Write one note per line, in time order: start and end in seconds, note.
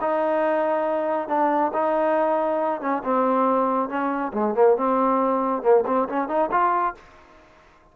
0.00 1.28 D#4
1.28 1.71 D4
1.73 2.80 D#4
2.80 3.02 C#4
3.03 3.89 C4
3.89 4.32 C#4
4.33 4.54 G#3
4.54 4.76 A#3
4.76 5.62 C4
5.62 5.84 A#3
5.86 6.08 C4
6.08 6.28 C#4
6.28 6.49 D#4
6.51 6.94 F4